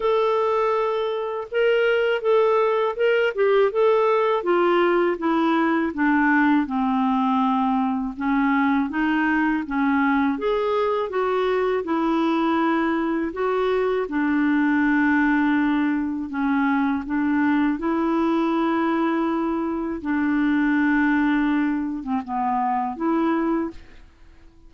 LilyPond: \new Staff \with { instrumentName = "clarinet" } { \time 4/4 \tempo 4 = 81 a'2 ais'4 a'4 | ais'8 g'8 a'4 f'4 e'4 | d'4 c'2 cis'4 | dis'4 cis'4 gis'4 fis'4 |
e'2 fis'4 d'4~ | d'2 cis'4 d'4 | e'2. d'4~ | d'4.~ d'16 c'16 b4 e'4 | }